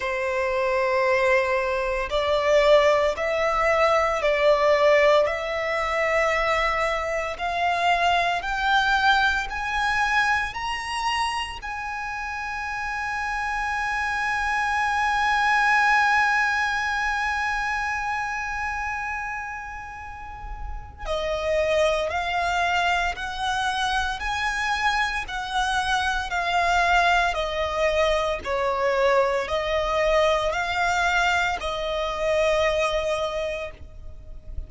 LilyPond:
\new Staff \with { instrumentName = "violin" } { \time 4/4 \tempo 4 = 57 c''2 d''4 e''4 | d''4 e''2 f''4 | g''4 gis''4 ais''4 gis''4~ | gis''1~ |
gis''1 | dis''4 f''4 fis''4 gis''4 | fis''4 f''4 dis''4 cis''4 | dis''4 f''4 dis''2 | }